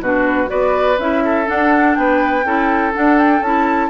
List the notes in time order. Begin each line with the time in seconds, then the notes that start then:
0.00 B2 D4 F#4 B4
0.47 B3 F#4 B4 D5
0.98 C#4 E4 E5
1.24 A4
1.46 D4 F#5
1.95 B3 B4 G5
2.45 C#4 E4 A4
2.93 D4 F#5
3.18 G5
3.41 C#4 E4 A5